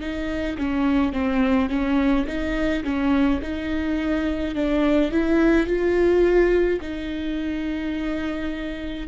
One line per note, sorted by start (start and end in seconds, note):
0.00 0.57 D#4
0.58 1.13 C#4
1.13 1.69 C4
1.69 2.26 C#4
2.27 2.84 D#4
2.84 3.40 C#4
3.42 4.55 D#4
4.55 5.11 D4
5.11 5.67 E4
5.67 6.80 F4
6.81 9.07 D#4